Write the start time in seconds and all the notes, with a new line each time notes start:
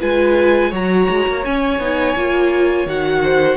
0.00 G#3 F4 B4 G#5
0.70 F#3 F#4 C#5 A#5
1.09 G#3
1.27 A#3
1.44 C#4 G#5
1.78 B3 D#4
2.15 A#3 F4
2.85 D#3 F#4 F#5
3.23 C5